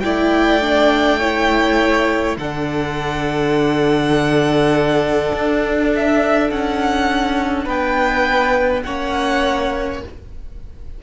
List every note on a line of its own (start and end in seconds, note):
0.00 2.37 A3
0.00 0.62 E4
0.00 1.20 D5
0.00 2.35 G5
0.62 1.20 D4
1.20 2.38 E4
1.20 2.37 C#5
2.37 5.31 D3
2.37 8.85 D4
2.37 7.64 A4
2.37 5.91 F#5
5.33 6.50 D4
5.95 6.50 E5
6.50 7.66 C#4
6.50 7.68 F#5
7.64 8.83 B3
7.64 8.82 B4
7.64 8.83 G5
8.83 10.03 A#3
8.83 10.03 C#4
8.83 10.03 C#5
8.83 10.00 F#5